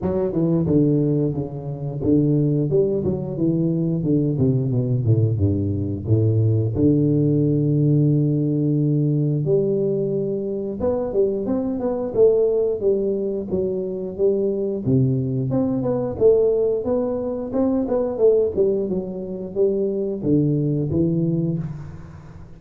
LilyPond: \new Staff \with { instrumentName = "tuba" } { \time 4/4 \tempo 4 = 89 fis8 e8 d4 cis4 d4 | g8 fis8 e4 d8 c8 b,8 a,8 | g,4 a,4 d2~ | d2 g2 |
b8 g8 c'8 b8 a4 g4 | fis4 g4 c4 c'8 b8 | a4 b4 c'8 b8 a8 g8 | fis4 g4 d4 e4 | }